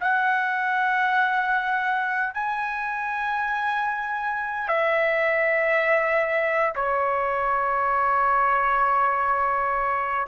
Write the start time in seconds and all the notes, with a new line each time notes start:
0.00 F#5
2.34 G#5
4.68 E5
6.75 C#5